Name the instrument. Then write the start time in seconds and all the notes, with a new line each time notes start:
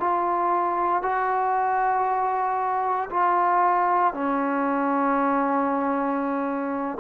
trombone
0.00 F4
1.03 F#4
3.10 F4
4.14 C#4